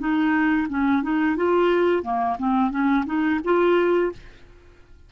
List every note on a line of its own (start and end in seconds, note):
0.00 0.68 D#4
0.69 1.03 C#4
1.03 1.37 D#4
1.37 2.03 F4
2.03 2.37 A#3
2.39 2.71 C4
2.71 3.05 C#4
3.07 3.41 D#4
3.45 4.13 F4